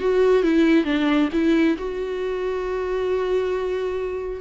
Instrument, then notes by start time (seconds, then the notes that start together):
viola
0.00 F#4
0.43 E4
0.85 D4
1.33 E4
1.78 F#4